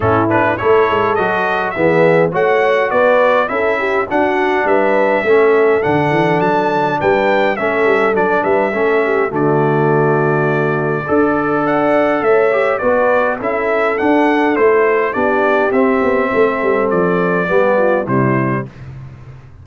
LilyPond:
<<
  \new Staff \with { instrumentName = "trumpet" } { \time 4/4 \tempo 4 = 103 a'8 b'8 cis''4 dis''4 e''4 | fis''4 d''4 e''4 fis''4 | e''2 fis''4 a''4 | g''4 e''4 d''8 e''4. |
d''1 | fis''4 e''4 d''4 e''4 | fis''4 c''4 d''4 e''4~ | e''4 d''2 c''4 | }
  \new Staff \with { instrumentName = "horn" } { \time 4/4 e'4 a'2 gis'4 | cis''4 b'4 a'8 g'8 fis'4 | b'4 a'2. | b'4 a'4. b'8 a'8 g'8 |
fis'2. a'4 | d''4 cis''4 b'4 a'4~ | a'2 g'2 | a'2 g'8 f'8 e'4 | }
  \new Staff \with { instrumentName = "trombone" } { \time 4/4 cis'8 d'8 e'4 fis'4 b4 | fis'2 e'4 d'4~ | d'4 cis'4 d'2~ | d'4 cis'4 d'4 cis'4 |
a2. a'4~ | a'4. g'8 fis'4 e'4 | d'4 e'4 d'4 c'4~ | c'2 b4 g4 | }
  \new Staff \with { instrumentName = "tuba" } { \time 4/4 a,4 a8 gis8 fis4 e4 | a4 b4 cis'4 d'4 | g4 a4 d8 e8 fis4 | g4 a8 g8 fis8 g8 a4 |
d2. d'4~ | d'4 a4 b4 cis'4 | d'4 a4 b4 c'8 b8 | a8 g8 f4 g4 c4 | }
>>